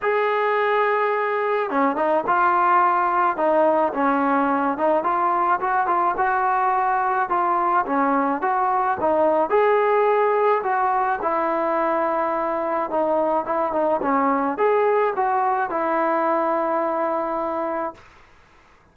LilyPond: \new Staff \with { instrumentName = "trombone" } { \time 4/4 \tempo 4 = 107 gis'2. cis'8 dis'8 | f'2 dis'4 cis'4~ | cis'8 dis'8 f'4 fis'8 f'8 fis'4~ | fis'4 f'4 cis'4 fis'4 |
dis'4 gis'2 fis'4 | e'2. dis'4 | e'8 dis'8 cis'4 gis'4 fis'4 | e'1 | }